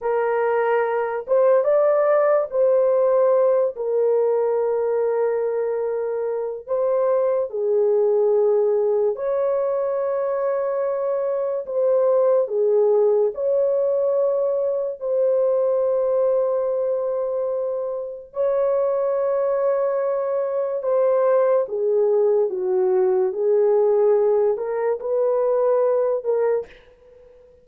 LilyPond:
\new Staff \with { instrumentName = "horn" } { \time 4/4 \tempo 4 = 72 ais'4. c''8 d''4 c''4~ | c''8 ais'2.~ ais'8 | c''4 gis'2 cis''4~ | cis''2 c''4 gis'4 |
cis''2 c''2~ | c''2 cis''2~ | cis''4 c''4 gis'4 fis'4 | gis'4. ais'8 b'4. ais'8 | }